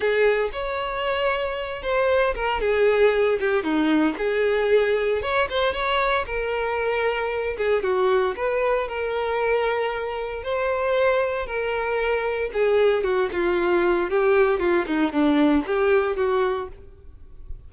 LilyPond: \new Staff \with { instrumentName = "violin" } { \time 4/4 \tempo 4 = 115 gis'4 cis''2~ cis''8 c''8~ | c''8 ais'8 gis'4. g'8 dis'4 | gis'2 cis''8 c''8 cis''4 | ais'2~ ais'8 gis'8 fis'4 |
b'4 ais'2. | c''2 ais'2 | gis'4 fis'8 f'4. g'4 | f'8 dis'8 d'4 g'4 fis'4 | }